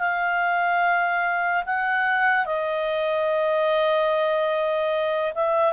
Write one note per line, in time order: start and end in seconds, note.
0.00 1.64 F5
1.66 2.46 F#5
2.46 5.33 D#5
5.35 5.73 E5